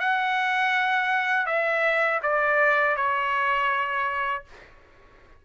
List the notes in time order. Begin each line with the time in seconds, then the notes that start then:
0.00 F#5
1.47 E5
2.23 D5
2.97 C#5